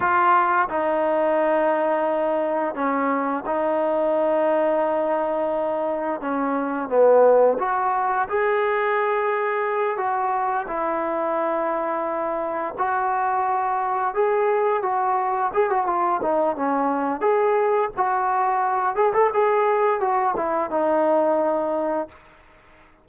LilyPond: \new Staff \with { instrumentName = "trombone" } { \time 4/4 \tempo 4 = 87 f'4 dis'2. | cis'4 dis'2.~ | dis'4 cis'4 b4 fis'4 | gis'2~ gis'8 fis'4 e'8~ |
e'2~ e'8 fis'4.~ | fis'8 gis'4 fis'4 gis'16 fis'16 f'8 dis'8 | cis'4 gis'4 fis'4. gis'16 a'16 | gis'4 fis'8 e'8 dis'2 | }